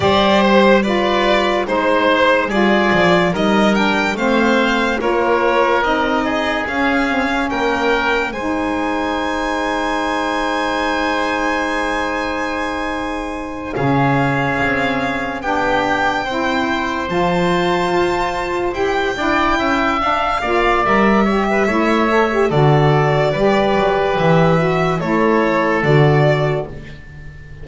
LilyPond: <<
  \new Staff \with { instrumentName = "violin" } { \time 4/4 \tempo 4 = 72 d''8 c''8 d''4 c''4 d''4 | dis''8 g''8 f''4 cis''4 dis''4 | f''4 g''4 gis''2~ | gis''1~ |
gis''8 f''2 g''4.~ | g''8 a''2 g''4. | f''4 e''2 d''4~ | d''4 e''4 cis''4 d''4 | }
  \new Staff \with { instrumentName = "oboe" } { \time 4/4 c''4 b'4 c''4 gis'4 | ais'4 c''4 ais'4. gis'8~ | gis'4 ais'4 c''2~ | c''1~ |
c''8 gis'2 g'4 c''8~ | c''2. d''8 e''8~ | e''8 d''4 cis''16 b'16 cis''4 a'4 | b'2 a'2 | }
  \new Staff \with { instrumentName = "saxophone" } { \time 4/4 g'4 f'4 dis'4 f'4 | dis'8 d'8 c'4 f'4 dis'4 | cis'8 c'16 cis'4~ cis'16 dis'2~ | dis'1~ |
dis'8 cis'2 d'4 e'8~ | e'8 f'2 g'8 e'4 | d'8 f'8 ais'8 g'8 e'8 a'16 g'16 fis'4 | g'4. fis'8 e'4 fis'4 | }
  \new Staff \with { instrumentName = "double bass" } { \time 4/4 g2 gis4 g8 f8 | g4 a4 ais4 c'4 | cis'4 ais4 gis2~ | gis1~ |
gis8 cis4 c'4 b4 c'8~ | c'8 f4 f'4 e'8 d'8 cis'8 | d'8 ais8 g4 a4 d4 | g8 fis8 e4 a4 d4 | }
>>